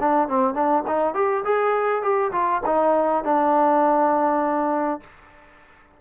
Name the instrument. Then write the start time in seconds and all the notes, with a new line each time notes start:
trombone
0.00 D4
0.28 C4
0.54 D4
0.87 D#4
1.14 G4
1.45 G#4
2.02 G4
2.32 F4
2.66 D#4
3.24 D4